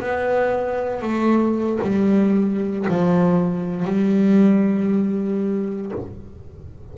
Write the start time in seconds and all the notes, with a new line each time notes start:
0.00 B3
1.02 A3
1.82 G3
2.89 F3
3.86 G3